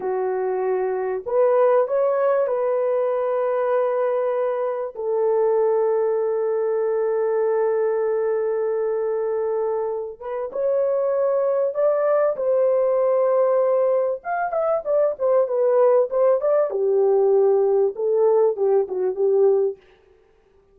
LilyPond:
\new Staff \with { instrumentName = "horn" } { \time 4/4 \tempo 4 = 97 fis'2 b'4 cis''4 | b'1 | a'1~ | a'1~ |
a'8 b'8 cis''2 d''4 | c''2. f''8 e''8 | d''8 c''8 b'4 c''8 d''8 g'4~ | g'4 a'4 g'8 fis'8 g'4 | }